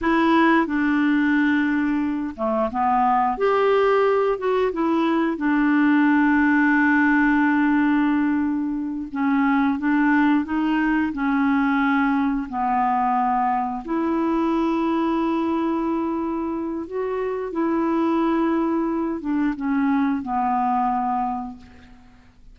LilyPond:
\new Staff \with { instrumentName = "clarinet" } { \time 4/4 \tempo 4 = 89 e'4 d'2~ d'8 a8 | b4 g'4. fis'8 e'4 | d'1~ | d'4. cis'4 d'4 dis'8~ |
dis'8 cis'2 b4.~ | b8 e'2.~ e'8~ | e'4 fis'4 e'2~ | e'8 d'8 cis'4 b2 | }